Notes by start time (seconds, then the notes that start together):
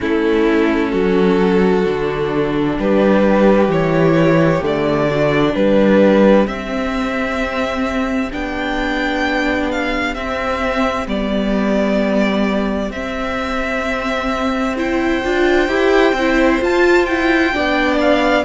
0.00 A3 C#4 E4 A4
0.91 F#3 F#4
1.84 D3 D4
2.78 G3 G4 B4
3.68 E3 E4 C#5
4.61 D3 A3 D5
5.08 D4 F#4
5.55 G3 G4 B4
6.45 C4 E5
8.31 B3 D4 G5
9.71 F5
10.14 C4 E5
11.06 G3 B3 D5
12.90 C4 E5
14.77 E4 C5 G5
15.23 D4 F4
15.68 E4 G4
16.12 C4
16.19 E4
16.61 F4 A5
17.05 E4 G5
17.52 B3 D4 D5
18.00 F5